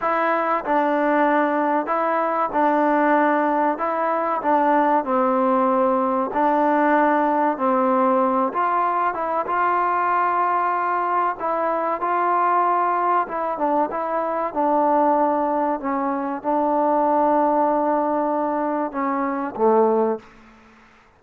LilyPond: \new Staff \with { instrumentName = "trombone" } { \time 4/4 \tempo 4 = 95 e'4 d'2 e'4 | d'2 e'4 d'4 | c'2 d'2 | c'4. f'4 e'8 f'4~ |
f'2 e'4 f'4~ | f'4 e'8 d'8 e'4 d'4~ | d'4 cis'4 d'2~ | d'2 cis'4 a4 | }